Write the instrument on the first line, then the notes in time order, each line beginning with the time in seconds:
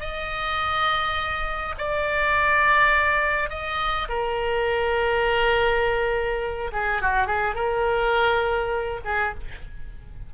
oboe
0.00 D#5
1.78 D5
3.50 D#5
4.09 A#4
6.72 G#4
7.02 F#4
7.27 G#4
7.55 A#4
9.05 G#4